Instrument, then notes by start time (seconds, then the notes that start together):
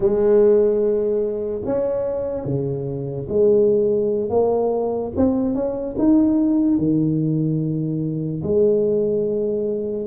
tuba
0.00 G#3
1.65 C#4
2.44 C#3
3.28 G#3
4.29 A#3
5.16 C4
5.54 C#4
5.98 D#4
6.78 D#3
8.43 G#3